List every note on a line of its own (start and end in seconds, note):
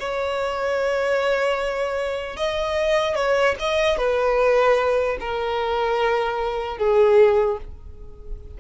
0.00 2.37 C#5
2.37 3.16 D#5
3.16 3.56 C#5
3.60 3.98 D#5
3.98 5.18 B4
5.20 6.78 A#4
6.78 7.58 G#4